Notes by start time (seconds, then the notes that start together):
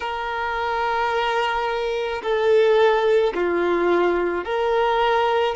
0.00 A#4
2.22 A4
3.34 F4
4.44 A#4